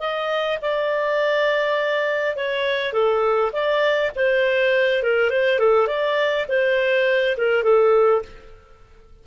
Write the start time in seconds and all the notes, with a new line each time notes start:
0.00 D#5
0.62 D5
2.37 C#5
2.93 A4
3.53 D5
4.16 C5
5.03 A#4
5.30 C5
5.59 A4
5.88 D5
6.49 C5
7.38 A#4
7.64 A4